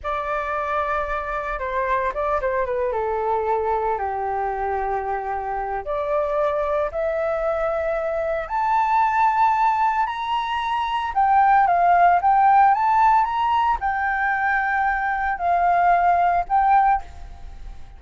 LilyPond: \new Staff \with { instrumentName = "flute" } { \time 4/4 \tempo 4 = 113 d''2. c''4 | d''8 c''8 b'8 a'2 g'8~ | g'2. d''4~ | d''4 e''2. |
a''2. ais''4~ | ais''4 g''4 f''4 g''4 | a''4 ais''4 g''2~ | g''4 f''2 g''4 | }